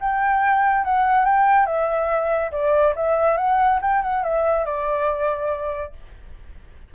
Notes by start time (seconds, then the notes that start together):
0.00 G5
0.84 F#5
1.26 G5
1.66 E5
2.52 D5
2.96 E5
3.38 F#5
3.81 G5
4.02 F#5
4.23 E5
4.65 D5